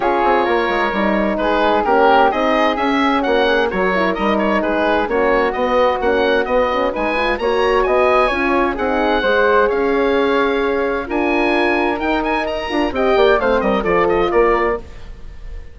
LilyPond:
<<
  \new Staff \with { instrumentName = "oboe" } { \time 4/4 \tempo 4 = 130 cis''2. b'4 | ais'4 dis''4 e''4 fis''4 | cis''4 dis''8 cis''8 b'4 cis''4 | dis''4 fis''4 dis''4 gis''4 |
ais''4 gis''2 fis''4~ | fis''4 f''2. | gis''2 g''8 gis''8 ais''4 | g''4 f''8 dis''8 d''8 dis''8 d''4 | }
  \new Staff \with { instrumentName = "flute" } { \time 4/4 gis'4 ais'2 gis'4 | g'4 gis'2 fis'8 gis'8 | ais'2 gis'4 fis'4~ | fis'2. b'4 |
cis''4 dis''4 cis''4 gis'4 | c''4 cis''2. | ais'1 | dis''8 d''8 c''8 ais'8 a'4 ais'4 | }
  \new Staff \with { instrumentName = "horn" } { \time 4/4 f'2 dis'2 | cis'4 dis'4 cis'2 | fis'8 e'8 dis'2 cis'4 | b4 cis'4 b8 cis'8 dis'8 f'8 |
fis'2 f'4 dis'4 | gis'1 | f'2 dis'4. f'8 | g'4 c'4 f'2 | }
  \new Staff \with { instrumentName = "bassoon" } { \time 4/4 cis'8 c'8 ais8 gis8 g4 gis4 | ais4 c'4 cis'4 ais4 | fis4 g4 gis4 ais4 | b4 ais4 b4 gis4 |
ais4 b4 cis'4 c'4 | gis4 cis'2. | d'2 dis'4. d'8 | c'8 ais8 a8 g8 f4 ais4 | }
>>